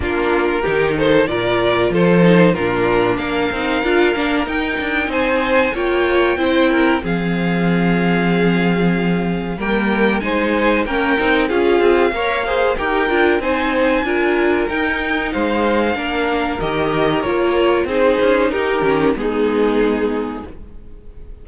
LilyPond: <<
  \new Staff \with { instrumentName = "violin" } { \time 4/4 \tempo 4 = 94 ais'4. c''8 d''4 c''4 | ais'4 f''2 g''4 | gis''4 g''2 f''4~ | f''2. g''4 |
gis''4 g''4 f''2 | g''4 gis''2 g''4 | f''2 dis''4 cis''4 | c''4 ais'4 gis'2 | }
  \new Staff \with { instrumentName = "violin" } { \time 4/4 f'4 g'8 a'8 ais'4 a'4 | f'4 ais'2. | c''4 cis''4 c''8 ais'8 gis'4~ | gis'2. ais'4 |
c''4 ais'4 gis'4 cis''8 c''8 | ais'4 c''4 ais'2 | c''4 ais'2. | gis'4 g'4 dis'2 | }
  \new Staff \with { instrumentName = "viola" } { \time 4/4 d'4 dis'4 f'4. dis'8 | d'4. dis'8 f'8 d'8 dis'4~ | dis'4 f'4 e'4 c'4~ | c'2. ais4 |
dis'4 cis'8 dis'8 f'4 ais'8 gis'8 | g'8 f'8 dis'4 f'4 dis'4~ | dis'4 d'4 g'4 f'4 | dis'4. cis'8 b2 | }
  \new Staff \with { instrumentName = "cello" } { \time 4/4 ais4 dis4 ais,4 f4 | ais,4 ais8 c'8 d'8 ais8 dis'8 d'8 | c'4 ais4 c'4 f4~ | f2. g4 |
gis4 ais8 c'8 cis'8 c'8 ais4 | dis'8 d'8 c'4 d'4 dis'4 | gis4 ais4 dis4 ais4 | c'8 cis'8 dis'8 dis8 gis2 | }
>>